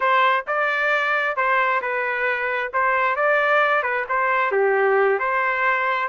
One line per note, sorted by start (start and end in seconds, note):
0.00 0.45 C5
0.47 1.36 D5
1.36 1.81 C5
1.81 2.71 B4
2.73 3.16 C5
3.16 3.82 D5
3.82 4.05 B4
4.08 4.51 C5
4.51 5.19 G4
5.19 6.08 C5